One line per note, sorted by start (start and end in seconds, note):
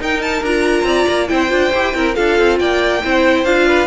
0.00 0.43 D#4
0.00 0.45 D#4
0.00 0.87 A#4
0.00 0.22 G5
0.22 0.43 A5
0.43 0.84 D4
0.43 1.28 F4
0.43 1.28 A#5
0.84 1.05 C4
0.84 1.30 D5
1.08 1.30 A#3
1.28 1.51 C4
1.28 1.49 E4
1.28 1.96 C5
1.28 2.15 G5
1.49 1.73 D4
1.49 1.70 F4
1.74 1.94 E4
1.74 1.95 G4
1.94 2.16 C4
1.94 2.14 E4
1.94 2.16 A#4
2.14 2.39 D4
2.14 3.00 F4
2.14 2.59 A4
2.14 2.59 F5
2.39 2.60 C4
2.59 3.03 A#3
2.59 3.03 D5
2.59 3.45 G5
3.03 3.45 C4
3.03 3.46 E4
3.03 3.68 C5
3.45 3.87 D4
3.45 3.87 F4
3.45 3.87 F5
3.68 3.87 B4